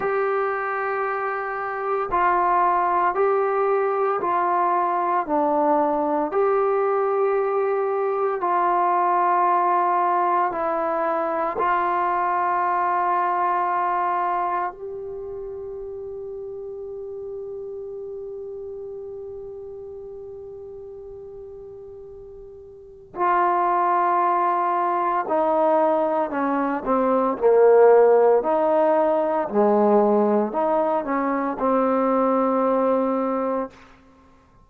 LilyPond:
\new Staff \with { instrumentName = "trombone" } { \time 4/4 \tempo 4 = 57 g'2 f'4 g'4 | f'4 d'4 g'2 | f'2 e'4 f'4~ | f'2 g'2~ |
g'1~ | g'2 f'2 | dis'4 cis'8 c'8 ais4 dis'4 | gis4 dis'8 cis'8 c'2 | }